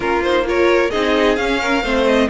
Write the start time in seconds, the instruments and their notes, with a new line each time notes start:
0.00 cello A#3, viola C#4, violin F4 A#4
0.23 viola D#4, violin C5
0.45 viola F4, violin A#4 C#5
0.90 cello C4, viola D#4, violin G#4 D#5
1.36 viola C#4, cello C#4, violin F5
1.60 violin A#4
1.83 cello A3, viola C4, violin C5
2.06 violin D#5